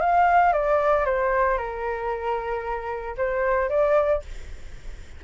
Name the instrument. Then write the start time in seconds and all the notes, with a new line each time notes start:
flute
0.00 F5
0.53 D5
1.05 C5
1.58 A#4
3.17 C5
3.69 D5